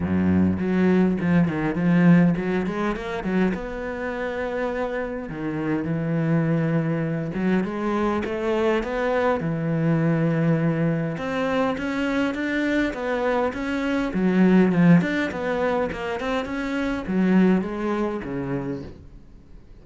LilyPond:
\new Staff \with { instrumentName = "cello" } { \time 4/4 \tempo 4 = 102 fis,4 fis4 f8 dis8 f4 | fis8 gis8 ais8 fis8 b2~ | b4 dis4 e2~ | e8 fis8 gis4 a4 b4 |
e2. c'4 | cis'4 d'4 b4 cis'4 | fis4 f8 d'8 b4 ais8 c'8 | cis'4 fis4 gis4 cis4 | }